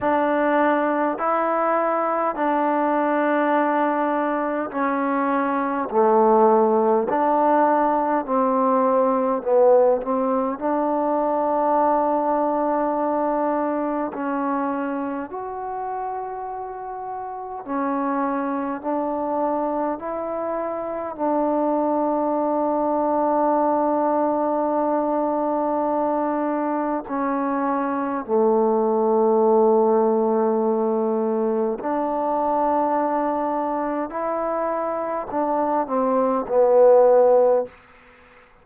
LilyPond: \new Staff \with { instrumentName = "trombone" } { \time 4/4 \tempo 4 = 51 d'4 e'4 d'2 | cis'4 a4 d'4 c'4 | b8 c'8 d'2. | cis'4 fis'2 cis'4 |
d'4 e'4 d'2~ | d'2. cis'4 | a2. d'4~ | d'4 e'4 d'8 c'8 b4 | }